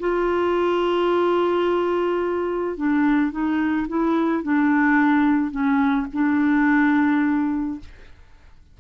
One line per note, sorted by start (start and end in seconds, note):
0.00 2.77 F4
2.77 3.32 D4
3.32 3.87 D#4
3.89 4.43 E4
4.43 5.52 D4
5.52 6.07 C#4
6.14 7.80 D4